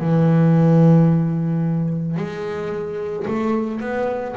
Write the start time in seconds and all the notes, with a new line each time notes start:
0.00 E3
2.17 G#3
3.27 A3
3.80 B3